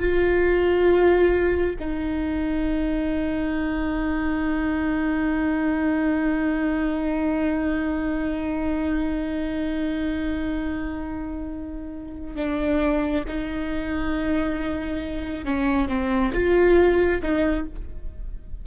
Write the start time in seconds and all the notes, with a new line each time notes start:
0.00 F4
1.80 D#4
12.36 D4
13.28 D#4
15.45 C#4
15.89 C4
16.34 F4
17.22 D#4